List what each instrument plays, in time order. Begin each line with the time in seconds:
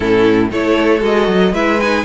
0.00 cello A2, viola C#4, violin E4 A4
0.51 cello A3, viola E4, violin A4 C#5
1.00 cello G#3, viola F#4, violin D#5
1.27 cello F#3
1.52 cello G#3, viola E4, violin B4 E5
1.80 viola D#4, violin G#5